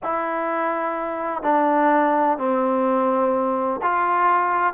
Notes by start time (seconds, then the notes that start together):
0.03 E4
1.42 D4
2.37 C4
3.82 F4